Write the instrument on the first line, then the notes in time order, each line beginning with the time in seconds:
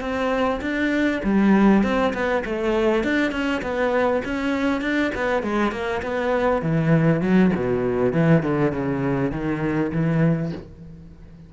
cello
0.00 C4
0.61 D4
1.23 G3
1.83 C4
2.14 B3
2.45 A3
3.04 D4
3.31 C#4
3.62 B3
4.24 C#4
4.81 D4
5.15 B3
5.42 G#3
5.71 A#3
6.02 B3
6.62 E3
7.21 F#3
7.55 B2
8.12 E3
8.43 D3
8.72 C#3
9.31 D#3
9.92 E3